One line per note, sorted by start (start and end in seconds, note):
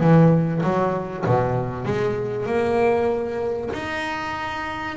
0.00 0.62 E3
0.63 1.25 F#3
1.26 1.85 B2
1.85 2.46 G#3
2.46 3.70 A#3
3.73 4.97 D#4